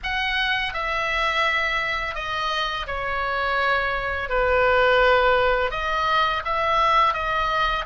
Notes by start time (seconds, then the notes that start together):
0.03 F#5
0.73 E5
2.14 D#5
2.86 C#5
4.29 B4
5.70 D#5
6.44 E5
7.13 D#5